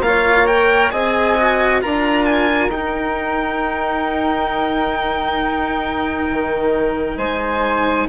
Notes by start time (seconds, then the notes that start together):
0.00 A#3 F4 F5
0.07 C#5
0.46 A#4 G5
0.91 C4 G#4 D#5 G#5
1.37 F#4
1.81 D4 F4 A#4 A#5
2.25 G#5
2.68 D#4 G5
6.30 D#3
7.17 G#3 C5 G#5